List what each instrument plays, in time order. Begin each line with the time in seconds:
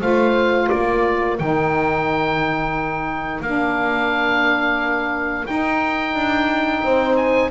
0.00 double bass A3, saxophone F4, horn C5, oboe F5
0.68 double bass A#3, horn A#4, oboe D5
1.38 double bass D#3, saxophone D#4, oboe G5
3.40 double bass A#3, saxophone D4, oboe F5
5.45 saxophone D#4, double bass D#4, oboe G5
6.14 double bass D4
6.83 double bass C4, horn C5
7.16 oboe G#5